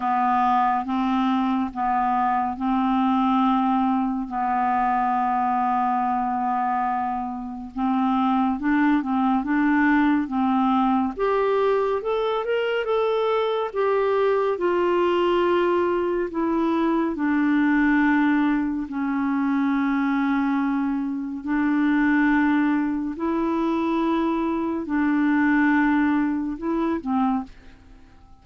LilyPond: \new Staff \with { instrumentName = "clarinet" } { \time 4/4 \tempo 4 = 70 b4 c'4 b4 c'4~ | c'4 b2.~ | b4 c'4 d'8 c'8 d'4 | c'4 g'4 a'8 ais'8 a'4 |
g'4 f'2 e'4 | d'2 cis'2~ | cis'4 d'2 e'4~ | e'4 d'2 e'8 c'8 | }